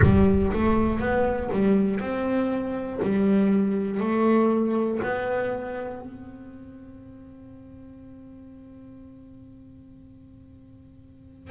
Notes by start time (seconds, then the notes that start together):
0.02 G3
0.53 A3
0.99 B3
1.52 G3
2.00 C4
3.02 G3
4.00 A3
5.02 B3
6.00 C4